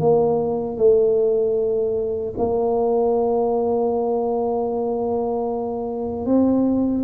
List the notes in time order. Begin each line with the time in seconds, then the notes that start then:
0.00 A#3
0.78 A3
2.38 A#3
6.26 C4